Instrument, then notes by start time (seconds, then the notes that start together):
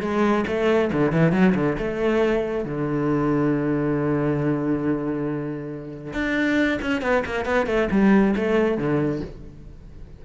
cello
0.00 G#3
0.47 A3
0.92 D3
1.12 E3
1.32 F#3
1.54 D3
1.78 A3
2.64 D3
6.13 D4
6.81 C#4
7.02 B3
7.25 A#3
7.45 B3
7.66 A3
7.91 G3
8.35 A3
8.77 D3